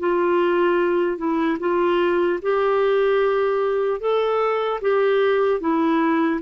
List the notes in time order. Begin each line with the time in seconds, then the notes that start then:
0.00 F4
1.18 E4
1.60 F4
2.43 G4
4.01 A4
4.82 G4
5.61 E4